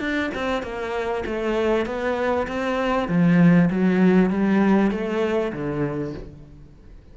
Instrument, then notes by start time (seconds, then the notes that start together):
cello
0.00 D4
0.35 C4
0.63 A#3
1.26 A3
1.86 B3
2.48 C4
3.09 F3
3.71 F#3
4.30 G3
4.91 A3
5.53 D3